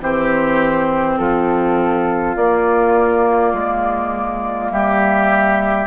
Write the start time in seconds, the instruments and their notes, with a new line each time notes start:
0.00 bassoon E3, clarinet C4, oboe G4, flute C5
1.18 bassoon F3, oboe F4, flute A4
2.36 bassoon A#3, clarinet A#3, flute D5
3.53 bassoon G#3
4.71 bassoon G3, oboe G4, flute E5